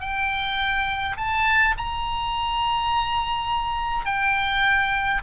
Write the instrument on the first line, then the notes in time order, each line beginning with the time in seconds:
oboe
0.00 G5
1.17 A5
1.77 A#5
4.05 G5